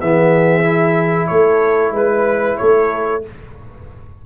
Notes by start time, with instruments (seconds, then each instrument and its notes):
0.00 tuba E3, trombone B3, horn G#4, trumpet E5
0.64 trombone E4
1.27 tuba A3, horn A4, trumpet C#5
1.92 tuba G#3, horn B4, trumpet B4
2.58 tuba A3, horn A4, trumpet C#5